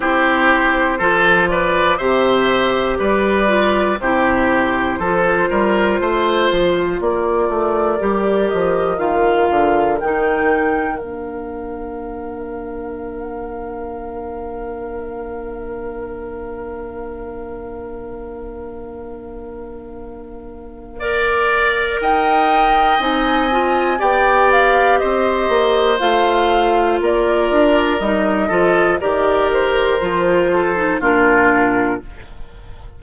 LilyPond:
<<
  \new Staff \with { instrumentName = "flute" } { \time 4/4 \tempo 4 = 60 c''4. d''8 e''4 d''4 | c''2. d''4~ | d''8 dis''8 f''4 g''4 f''4~ | f''1~ |
f''1~ | f''2 g''4 gis''4 | g''8 f''8 dis''4 f''4 d''4 | dis''4 d''8 c''4. ais'4 | }
  \new Staff \with { instrumentName = "oboe" } { \time 4/4 g'4 a'8 b'8 c''4 b'4 | g'4 a'8 ais'8 c''4 ais'4~ | ais'1~ | ais'1~ |
ais'1~ | ais'4 d''4 dis''2 | d''4 c''2 ais'4~ | ais'8 a'8 ais'4. a'8 f'4 | }
  \new Staff \with { instrumentName = "clarinet" } { \time 4/4 e'4 f'4 g'4. f'8 | e'4 f'2. | g'4 f'4 dis'4 d'4~ | d'1~ |
d'1~ | d'4 ais'2 dis'8 f'8 | g'2 f'2 | dis'8 f'8 g'4 f'8. dis'16 d'4 | }
  \new Staff \with { instrumentName = "bassoon" } { \time 4/4 c'4 f4 c4 g4 | c4 f8 g8 a8 f8 ais8 a8 | g8 f8 dis8 d8 dis4 ais4~ | ais1~ |
ais1~ | ais2 dis'4 c'4 | b4 c'8 ais8 a4 ais8 d'8 | g8 f8 dis4 f4 ais,4 | }
>>